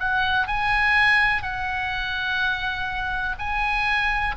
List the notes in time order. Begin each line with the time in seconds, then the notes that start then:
0.00 F#5
0.48 G#5
1.43 F#5
3.39 G#5